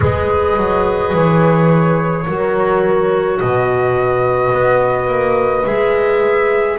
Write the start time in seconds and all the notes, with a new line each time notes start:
0.00 G#3 G#4 B4 D#5
0.56 F#3
1.13 E3 C#5
2.27 F#3 F#4 A#4
3.39 B2 B4 D#5
4.52 B3
5.07 A#3
5.64 G#3 G#4 E5